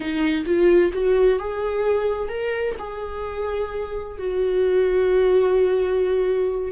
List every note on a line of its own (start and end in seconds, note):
0.00 0.44 D#4
0.45 0.92 F4
0.93 1.39 F#4
1.39 2.29 G#4
2.29 2.75 A#4
2.78 4.18 G#4
4.18 6.71 F#4